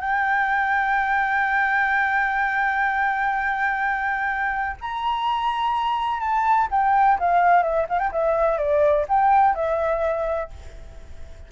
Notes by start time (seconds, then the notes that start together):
0.00 G5
4.81 A#5
6.20 A5
6.71 G5
7.19 F5
7.63 E5
7.89 F5
7.98 G5
8.12 E5
8.58 D5
9.08 G5
9.55 E5